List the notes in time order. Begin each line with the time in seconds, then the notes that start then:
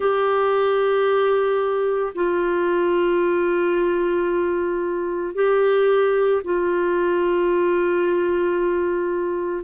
0.00 G4
2.14 F4
5.34 G4
6.44 F4